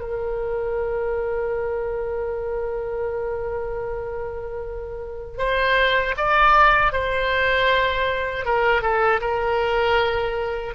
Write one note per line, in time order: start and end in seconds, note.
0.00 5.38 A#4
5.38 6.15 C5
6.17 6.92 D5
6.92 8.45 C5
8.45 8.81 A#4
8.81 9.20 A4
9.21 10.74 A#4